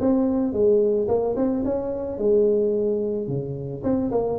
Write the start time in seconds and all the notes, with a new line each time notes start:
0.00 C4
0.53 G#3
1.08 A#3
1.36 C4
1.65 C#4
2.18 G#3
3.28 C#3
3.83 C4
4.11 A#3